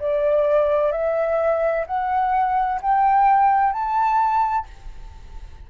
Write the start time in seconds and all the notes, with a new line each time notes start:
0.00 D5
0.92 E5
1.87 F#5
2.82 G5
3.73 A5